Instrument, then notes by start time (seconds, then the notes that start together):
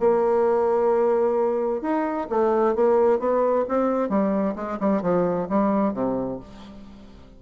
bassoon
0.00 A#3
1.82 D#4
2.30 A3
2.75 A#3
3.19 B3
3.68 C4
4.09 G3
4.56 G#3
4.80 G3
5.02 F3
5.49 G3
5.94 C3